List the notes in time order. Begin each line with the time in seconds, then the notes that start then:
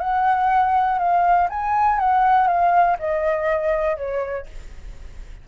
0.00 F#5
0.99 F5
1.50 G#5
1.99 F#5
2.48 F5
2.99 D#5
3.97 C#5